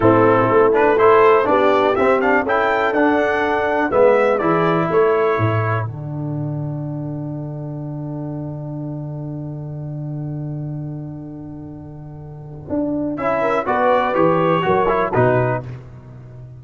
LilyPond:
<<
  \new Staff \with { instrumentName = "trumpet" } { \time 4/4 \tempo 4 = 123 a'4. b'8 c''4 d''4 | e''8 f''8 g''4 fis''2 | e''4 d''4 cis''2 | fis''1~ |
fis''1~ | fis''1~ | fis''2. e''4 | d''4 cis''2 b'4 | }
  \new Staff \with { instrumentName = "horn" } { \time 4/4 e'2 a'4 g'4~ | g'4 a'2. | b'4 gis'4 a'2~ | a'1~ |
a'1~ | a'1~ | a'2.~ a'8 ais'8 | b'2 ais'4 fis'4 | }
  \new Staff \with { instrumentName = "trombone" } { \time 4/4 c'4. d'8 e'4 d'4 | c'8 d'8 e'4 d'2 | b4 e'2. | d'1~ |
d'1~ | d'1~ | d'2. e'4 | fis'4 g'4 fis'8 e'8 dis'4 | }
  \new Staff \with { instrumentName = "tuba" } { \time 4/4 a,4 a2 b4 | c'4 cis'4 d'2 | gis4 e4 a4 a,4 | d1~ |
d1~ | d1~ | d2 d'4 cis'4 | b4 e4 fis4 b,4 | }
>>